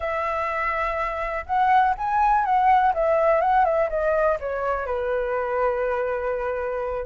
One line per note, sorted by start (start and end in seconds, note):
0.00 1.45 E5
1.45 1.94 F#5
1.97 2.44 G#5
2.44 2.93 F#5
2.94 3.40 E5
3.40 3.65 F#5
3.65 3.89 E5
3.89 4.38 D#5
4.40 4.86 C#5
4.86 7.05 B4